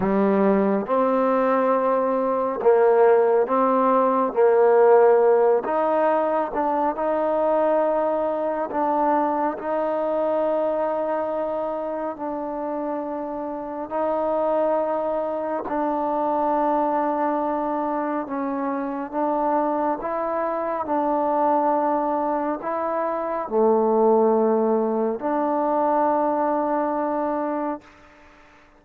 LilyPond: \new Staff \with { instrumentName = "trombone" } { \time 4/4 \tempo 4 = 69 g4 c'2 ais4 | c'4 ais4. dis'4 d'8 | dis'2 d'4 dis'4~ | dis'2 d'2 |
dis'2 d'2~ | d'4 cis'4 d'4 e'4 | d'2 e'4 a4~ | a4 d'2. | }